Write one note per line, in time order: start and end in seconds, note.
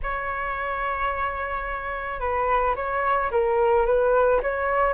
0.03 2.19 C#5
2.19 2.74 B4
2.75 3.30 C#5
3.31 3.86 A#4
3.86 4.41 B4
4.42 4.93 C#5